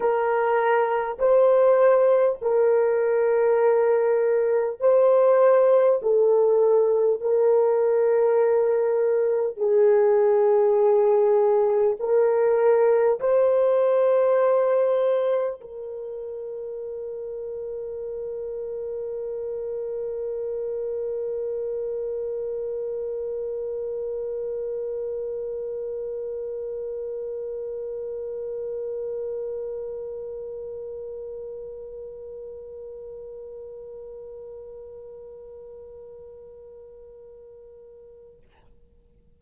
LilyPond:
\new Staff \with { instrumentName = "horn" } { \time 4/4 \tempo 4 = 50 ais'4 c''4 ais'2 | c''4 a'4 ais'2 | gis'2 ais'4 c''4~ | c''4 ais'2.~ |
ais'1~ | ais'1~ | ais'1~ | ais'1 | }